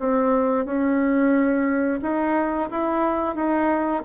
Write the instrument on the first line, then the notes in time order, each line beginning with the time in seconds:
bassoon
0.00 C4
0.66 C#4
2.02 D#4
2.71 E4
3.36 D#4